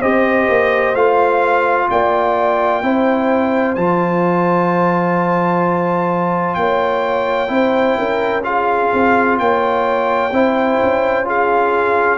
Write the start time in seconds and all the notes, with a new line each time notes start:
0.00 C4 G4 C5 D#5
0.49 A#3
0.94 A3 F4 F5
1.90 A#3 D5 G5
2.83 C4 E4 C5
3.75 F3 F4 A5
6.54 A#3 C#5 G5
7.48 C4 E4 C5
7.98 C#4 A#4
8.43 F4 G#4 F5
8.93 C4
9.39 A#3 C#5 G5
10.32 C4 E4 C5
10.83 C#4
11.25 F4 G#4 F5